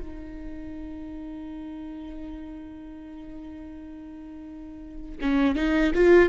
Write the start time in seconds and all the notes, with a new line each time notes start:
0.00 D#4
5.21 C#4
5.55 D#4
5.95 F4